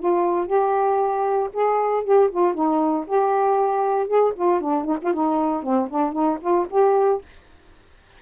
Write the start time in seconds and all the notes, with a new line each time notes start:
0.00 F4
0.47 G4
1.54 G#4
2.04 G4
2.31 F4
2.55 D#4
3.07 G4
4.08 G#4
4.36 F4
4.61 D4
4.85 D#4
5.02 F4
5.14 D#4
5.63 C4
5.90 D4
6.13 D#4
6.41 F4
6.71 G4